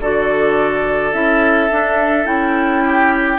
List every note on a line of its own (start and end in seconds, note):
0.00 1.13 D3
0.00 1.13 F#4
0.00 2.84 A4
0.00 1.14 D5
1.13 1.70 C#4
1.13 1.69 E4
1.13 2.26 E5
1.70 2.25 D4
1.70 2.26 D4
2.25 3.39 C#4
2.25 3.38 E4
2.25 3.39 G5
2.86 3.39 G4